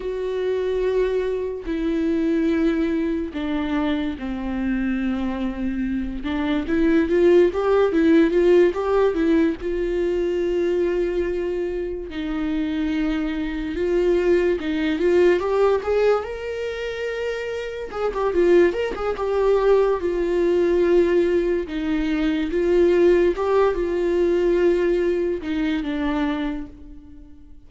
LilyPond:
\new Staff \with { instrumentName = "viola" } { \time 4/4 \tempo 4 = 72 fis'2 e'2 | d'4 c'2~ c'8 d'8 | e'8 f'8 g'8 e'8 f'8 g'8 e'8 f'8~ | f'2~ f'8 dis'4.~ |
dis'8 f'4 dis'8 f'8 g'8 gis'8 ais'8~ | ais'4. gis'16 g'16 f'8 ais'16 gis'16 g'4 | f'2 dis'4 f'4 | g'8 f'2 dis'8 d'4 | }